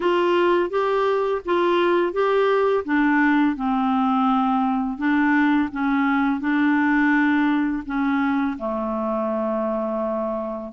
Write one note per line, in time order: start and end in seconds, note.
0.00 0.69 F4
0.69 1.41 G4
1.45 2.12 F4
2.12 2.84 G4
2.84 3.56 D4
3.56 4.97 C4
4.97 5.69 D4
5.72 6.40 C#4
6.40 7.83 D4
7.86 8.57 C#4
8.58 10.72 A3